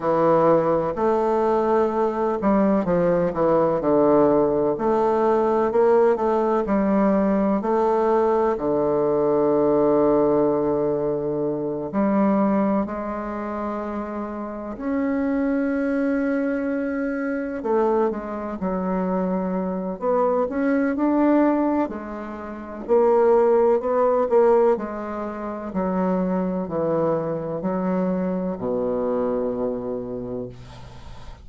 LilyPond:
\new Staff \with { instrumentName = "bassoon" } { \time 4/4 \tempo 4 = 63 e4 a4. g8 f8 e8 | d4 a4 ais8 a8 g4 | a4 d2.~ | d8 g4 gis2 cis'8~ |
cis'2~ cis'8 a8 gis8 fis8~ | fis4 b8 cis'8 d'4 gis4 | ais4 b8 ais8 gis4 fis4 | e4 fis4 b,2 | }